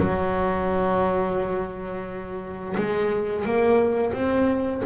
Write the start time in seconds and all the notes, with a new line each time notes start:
0.00 F#3
2.77 G#3
3.45 A#3
4.13 C4